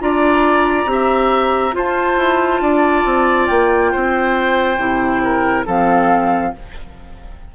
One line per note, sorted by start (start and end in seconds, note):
0.00 0.86 D4
0.00 0.87 F4
0.00 0.91 D5
0.00 1.75 A#5
0.86 1.73 C4
0.86 1.72 G4
0.92 1.75 E5
1.72 4.76 F4
1.72 2.17 F4
1.72 2.62 C5
1.72 3.47 A5
2.17 2.61 E4
2.61 3.05 D4
2.61 3.91 D5
3.05 3.48 C4
3.47 3.94 A#3
3.47 5.64 G5
3.91 4.78 C4
3.91 5.22 C5
4.78 5.65 C3
4.78 5.66 E4
5.24 5.66 A#4
5.66 6.54 F3
5.66 6.53 C4
5.66 6.53 A4
5.66 6.55 F5